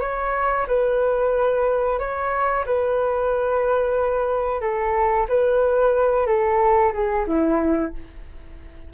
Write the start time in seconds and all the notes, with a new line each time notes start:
0.00 C#5
0.67 B4
1.99 C#5
2.66 B4
4.61 A4
5.29 B4
6.27 A4
6.93 G#4
7.27 E4